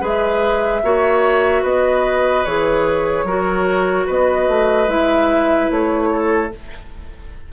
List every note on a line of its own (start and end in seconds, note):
0.00 0.82 G#3
0.00 0.81 G#4
0.00 0.81 B4
0.00 1.65 E5
0.83 1.63 A#3
0.83 2.45 F#4
0.83 1.62 C#5
1.62 2.44 B3
1.62 3.24 B4
1.62 2.45 D#5
2.45 3.23 E3
2.45 3.27 G#4
2.45 4.07 C#5
3.23 4.05 F#3
3.23 4.88 F#4
3.23 4.06 A#4
4.06 4.48 B3
4.06 6.09 B4
4.06 4.89 D#5
4.48 4.87 A3
4.87 5.68 G#3
4.87 6.50 E4
4.87 5.70 E5
5.70 6.51 A3
5.70 6.52 C#5
6.12 6.52 A4